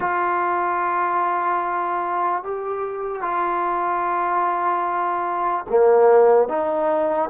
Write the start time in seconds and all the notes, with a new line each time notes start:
0.00 F4
2.43 G4
3.21 F4
5.69 A#3
6.48 D#4